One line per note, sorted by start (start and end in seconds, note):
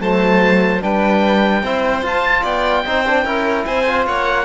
0.00 0.81 F#3
0.00 0.81 A3
0.00 0.83 C5
0.00 0.83 A5
0.81 1.63 G3
0.81 1.62 D4
0.81 1.63 B4
0.81 2.05 G5
1.63 2.03 C4
1.63 2.04 E4
1.63 2.42 C5
2.03 2.43 F4
2.03 2.85 F4
2.03 2.46 A5
2.42 2.85 B3
2.42 2.83 D5
2.42 3.65 G5
2.85 3.25 C4
2.85 3.06 D#4
2.85 3.24 C5
3.07 3.25 D4
3.24 3.65 C#4
3.24 3.86 E4
3.24 3.65 A#4
3.65 4.07 C4
3.65 4.07 C5
3.65 4.06 G#5
3.87 4.46 F4
4.07 4.46 A#3
4.07 4.46 C#5
4.07 4.46 F#5